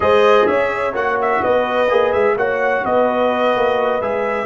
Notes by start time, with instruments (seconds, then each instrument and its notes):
0.00 tuba G#3, trombone G#4, horn C5, trumpet D#5
0.46 tuba C#4, horn C#5, trumpet E5
0.93 tuba A#3, trombone F#4, trumpet F#5
1.21 trumpet E5
1.42 tuba B3, horn B4, trumpet D#5
1.89 tuba A#3, trombone G#4
2.12 tuba G#3, trumpet E5
2.36 tuba A#3, trombone F#4, horn C#5, trumpet F#5
2.84 tuba B3, horn B4, trumpet D#5
3.55 tuba A#3
4.01 tuba G#3, trombone G#4, trumpet E5